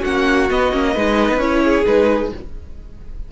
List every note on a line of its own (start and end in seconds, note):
0.00 0.50 A#3
0.00 0.49 C#4
0.00 0.91 F#4
0.00 0.49 F#5
0.49 0.72 B3
0.49 1.39 D#5
0.72 0.95 A#3
0.72 0.94 C#4
0.93 1.28 G#3
0.93 1.40 D#4
0.93 1.61 B4
1.28 1.36 B3
1.36 1.82 C#4
1.36 1.85 E4
1.36 1.84 C#5
1.64 2.32 G#4
1.85 2.32 G#3
1.85 2.30 D#4
1.85 2.31 B4